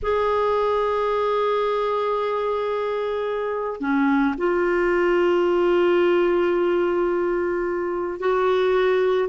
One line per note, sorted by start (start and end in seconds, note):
0.02 3.80 G#4
3.80 4.34 C#4
4.37 8.19 F4
8.19 9.29 F#4